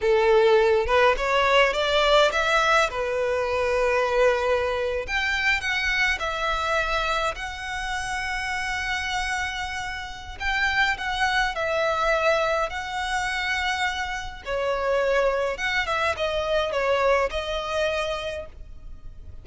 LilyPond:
\new Staff \with { instrumentName = "violin" } { \time 4/4 \tempo 4 = 104 a'4. b'8 cis''4 d''4 | e''4 b'2.~ | b'8. g''4 fis''4 e''4~ e''16~ | e''8. fis''2.~ fis''16~ |
fis''2 g''4 fis''4 | e''2 fis''2~ | fis''4 cis''2 fis''8 e''8 | dis''4 cis''4 dis''2 | }